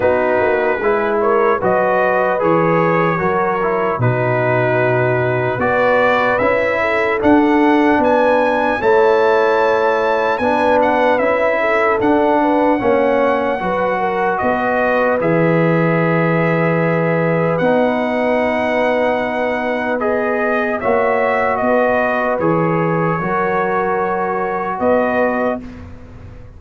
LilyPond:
<<
  \new Staff \with { instrumentName = "trumpet" } { \time 4/4 \tempo 4 = 75 b'4. cis''8 dis''4 cis''4~ | cis''4 b'2 d''4 | e''4 fis''4 gis''4 a''4~ | a''4 gis''8 fis''8 e''4 fis''4~ |
fis''2 dis''4 e''4~ | e''2 fis''2~ | fis''4 dis''4 e''4 dis''4 | cis''2. dis''4 | }
  \new Staff \with { instrumentName = "horn" } { \time 4/4 fis'4 gis'8 ais'8 b'2 | ais'4 fis'2 b'4~ | b'8 a'4. b'4 cis''4~ | cis''4 b'4. a'4 b'8 |
cis''4 b'8 ais'8 b'2~ | b'1~ | b'2 cis''4 b'4~ | b'4 ais'2 b'4 | }
  \new Staff \with { instrumentName = "trombone" } { \time 4/4 dis'4 e'4 fis'4 gis'4 | fis'8 e'8 dis'2 fis'4 | e'4 d'2 e'4~ | e'4 d'4 e'4 d'4 |
cis'4 fis'2 gis'4~ | gis'2 dis'2~ | dis'4 gis'4 fis'2 | gis'4 fis'2. | }
  \new Staff \with { instrumentName = "tuba" } { \time 4/4 b8 ais8 gis4 fis4 e4 | fis4 b,2 b4 | cis'4 d'4 b4 a4~ | a4 b4 cis'4 d'4 |
ais4 fis4 b4 e4~ | e2 b2~ | b2 ais4 b4 | e4 fis2 b4 | }
>>